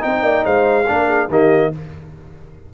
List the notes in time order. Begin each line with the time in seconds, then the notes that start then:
0.00 C4 D#4 D#5 G5
0.23 A#3 D5
0.45 G#3 C5 F5
0.88 A#3 D4 A#4
1.08 G#4
1.29 D#3 A#3 G4 D#5